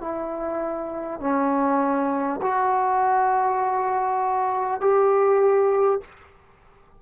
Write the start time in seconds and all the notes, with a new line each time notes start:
0.00 E4
1.20 C#4
2.41 F#4
4.80 G4